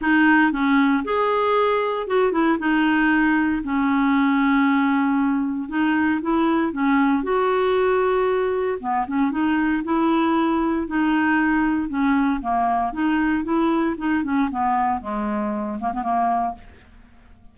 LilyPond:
\new Staff \with { instrumentName = "clarinet" } { \time 4/4 \tempo 4 = 116 dis'4 cis'4 gis'2 | fis'8 e'8 dis'2 cis'4~ | cis'2. dis'4 | e'4 cis'4 fis'2~ |
fis'4 b8 cis'8 dis'4 e'4~ | e'4 dis'2 cis'4 | ais4 dis'4 e'4 dis'8 cis'8 | b4 gis4. ais16 b16 ais4 | }